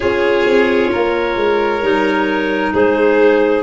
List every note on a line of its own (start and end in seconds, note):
0.00 0.45 C#4
0.00 1.82 F4
0.00 0.90 G#4
0.00 2.72 C#5
0.45 0.91 C4
0.91 1.36 A#3
0.91 2.73 A#4
1.36 1.81 G#3
1.81 2.72 G3
1.81 3.62 D#4
2.73 3.62 G#3
2.73 3.62 G#4
2.73 3.62 C5